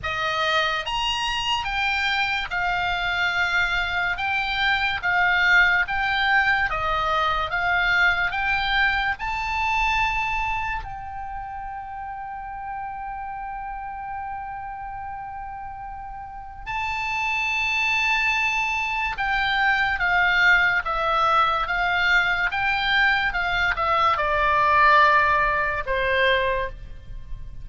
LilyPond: \new Staff \with { instrumentName = "oboe" } { \time 4/4 \tempo 4 = 72 dis''4 ais''4 g''4 f''4~ | f''4 g''4 f''4 g''4 | dis''4 f''4 g''4 a''4~ | a''4 g''2.~ |
g''1 | a''2. g''4 | f''4 e''4 f''4 g''4 | f''8 e''8 d''2 c''4 | }